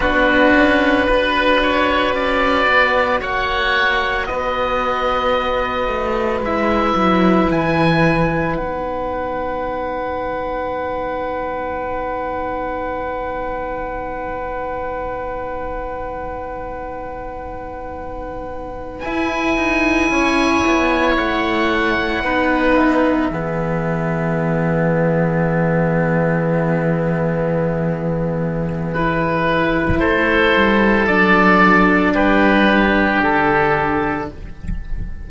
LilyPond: <<
  \new Staff \with { instrumentName = "oboe" } { \time 4/4 \tempo 4 = 56 b'2. fis''4 | dis''2 e''4 gis''4 | fis''1~ | fis''1~ |
fis''4.~ fis''16 gis''2 fis''16~ | fis''4~ fis''16 e''2~ e''8.~ | e''2. b'4 | c''4 d''4 b'4 a'4 | }
  \new Staff \with { instrumentName = "oboe" } { \time 4/4 fis'4 b'8 cis''8 d''4 cis''4 | b'1~ | b'1~ | b'1~ |
b'2~ b'8. cis''4~ cis''16~ | cis''8. b'4 gis'2~ gis'16~ | gis'1 | a'2 g'2 | }
  \new Staff \with { instrumentName = "cello" } { \time 4/4 d'4 fis'2.~ | fis'2 e'2 | dis'1~ | dis'1~ |
dis'4.~ dis'16 e'2~ e'16~ | e'8. dis'4 b2~ b16~ | b2. e'4~ | e'4 d'2. | }
  \new Staff \with { instrumentName = "cello" } { \time 4/4 b8 cis'8 d'4 cis'8 b8 ais4 | b4. a8 gis8 fis8 e4 | b1~ | b1~ |
b4.~ b16 e'8 dis'8 cis'8 b8 a16~ | a8. b4 e2~ e16~ | e1 | a8 g8 fis4 g4 d4 | }
>>